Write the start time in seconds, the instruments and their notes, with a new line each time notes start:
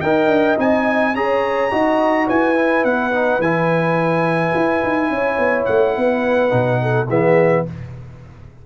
0.00 tuba D#4, trombone A#4, horn D#5, trumpet G5
0.27 tuba D4
0.57 tuba C4, trombone D#4, trumpet G#5
1.14 tuba C#4, trombone G#4, horn C#5, trumpet A#5
1.71 tuba D#4, trombone F#4, horn D#5
2.27 tuba E4, horn B4, trumpet G#5
2.55 trombone E4
2.84 tuba B3, trumpet F#5
3.12 trombone D#4
3.39 tuba E3, trombone E4, trumpet G#5
4.54 tuba E4
4.83 tuba D#4
5.10 tuba C#4, horn C#5
5.38 tuba B3
5.65 tuba A3, trumpet F#5
5.96 tuba B3, horn B4
6.49 tuba B2, trombone D#4
6.82 horn A4
7.08 tuba E3, trombone B3, horn G#4, trumpet E5